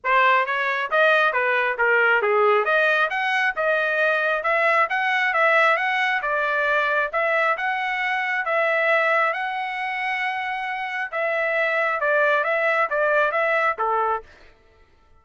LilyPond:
\new Staff \with { instrumentName = "trumpet" } { \time 4/4 \tempo 4 = 135 c''4 cis''4 dis''4 b'4 | ais'4 gis'4 dis''4 fis''4 | dis''2 e''4 fis''4 | e''4 fis''4 d''2 |
e''4 fis''2 e''4~ | e''4 fis''2.~ | fis''4 e''2 d''4 | e''4 d''4 e''4 a'4 | }